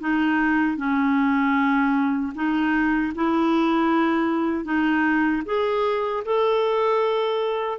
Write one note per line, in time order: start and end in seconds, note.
0.00 0.77 D#4
0.77 2.32 C#4
2.35 3.13 D#4
3.15 4.64 E4
4.64 5.42 D#4
5.45 6.23 G#4
6.24 7.79 A4